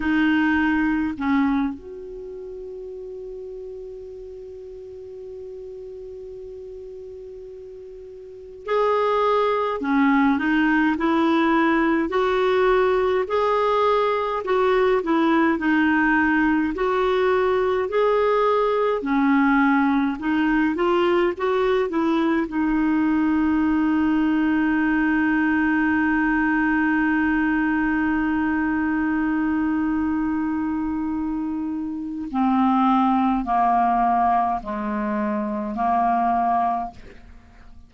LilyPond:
\new Staff \with { instrumentName = "clarinet" } { \time 4/4 \tempo 4 = 52 dis'4 cis'8 fis'2~ fis'8~ | fis'2.~ fis'8 gis'8~ | gis'8 cis'8 dis'8 e'4 fis'4 gis'8~ | gis'8 fis'8 e'8 dis'4 fis'4 gis'8~ |
gis'8 cis'4 dis'8 f'8 fis'8 e'8 dis'8~ | dis'1~ | dis'1 | c'4 ais4 gis4 ais4 | }